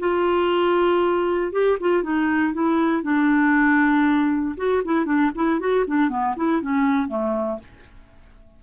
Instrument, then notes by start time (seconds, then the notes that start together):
clarinet
0.00 F4
1.53 G4
1.81 F4
2.03 D#4
2.54 E4
3.03 D4
4.58 F#4
4.85 E4
5.06 D4
5.36 E4
5.60 F#4
5.87 D4
6.10 B3
6.37 E4
6.62 C#4
7.08 A3